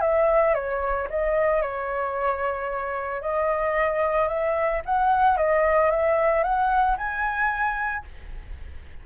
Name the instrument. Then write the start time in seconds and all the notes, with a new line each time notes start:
flute
0.00 E5
0.54 C#5
1.09 D#5
1.62 C#5
3.21 D#5
4.28 E5
4.85 F#5
5.37 D#5
5.90 E5
6.43 F#5
6.97 G#5